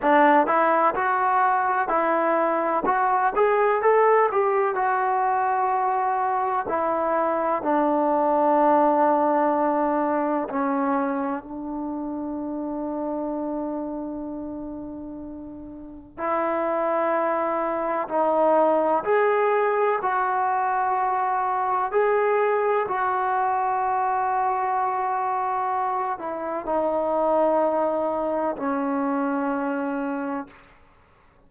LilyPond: \new Staff \with { instrumentName = "trombone" } { \time 4/4 \tempo 4 = 63 d'8 e'8 fis'4 e'4 fis'8 gis'8 | a'8 g'8 fis'2 e'4 | d'2. cis'4 | d'1~ |
d'4 e'2 dis'4 | gis'4 fis'2 gis'4 | fis'2.~ fis'8 e'8 | dis'2 cis'2 | }